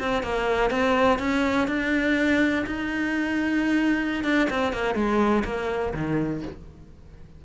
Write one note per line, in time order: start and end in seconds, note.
0.00 0.23 C4
0.23 0.71 A#3
0.71 1.20 C4
1.20 1.68 C#4
1.68 2.66 D4
2.67 4.24 D#4
4.24 4.49 D4
4.51 4.73 C4
4.73 4.95 A#3
4.95 5.44 G#3
5.45 5.94 A#3
5.94 6.43 D#3